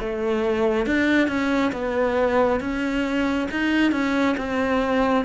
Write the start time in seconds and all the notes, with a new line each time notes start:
0.00 A3
0.86 D4
1.28 C#4
1.72 B3
2.60 C#4
3.51 D#4
3.92 C#4
4.38 C4